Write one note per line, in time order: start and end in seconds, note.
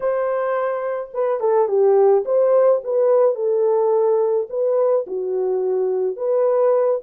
0.00 1.10 C5
1.13 1.40 B4
1.40 1.67 A4
1.67 2.24 G4
2.25 2.81 C5
2.83 3.35 B4
3.35 4.47 A4
4.49 5.05 B4
5.06 6.16 F#4
6.16 7.00 B4